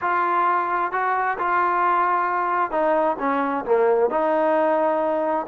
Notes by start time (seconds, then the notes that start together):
0.01 F4
0.92 F#4
1.38 F4
2.71 D#4
3.19 C#4
3.65 A#3
4.10 D#4